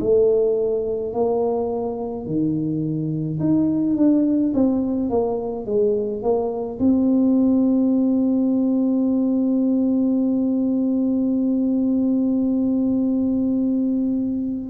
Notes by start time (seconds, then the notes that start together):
0.00 A3
1.13 A#3
2.26 D#3
3.40 D#4
3.96 D4
4.54 C4
5.10 A#3
5.66 G#3
6.22 A#3
6.79 C4